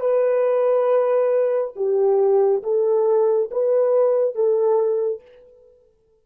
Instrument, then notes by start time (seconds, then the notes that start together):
horn
0.00 B4
1.75 G4
2.63 A4
3.51 B4
4.35 A4